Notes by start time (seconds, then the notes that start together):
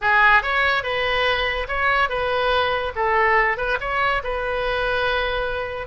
0.01 G#4
0.42 C#5
0.83 B4
1.67 C#5
2.09 B4
2.95 A4
3.57 B4
3.80 C#5
4.23 B4